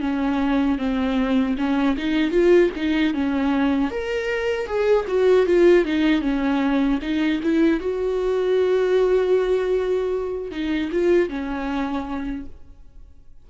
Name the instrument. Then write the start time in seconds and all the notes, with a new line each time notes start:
viola
0.00 C#4
0.78 C4
1.58 C#4
1.97 D#4
2.31 F4
2.76 D#4
3.14 C#4
3.90 A#4
4.66 G#4
5.08 F#4
5.46 F4
5.85 D#4
6.21 C#4
7.02 D#4
7.43 E4
7.80 F#4
10.51 D#4
10.92 F4
11.29 C#4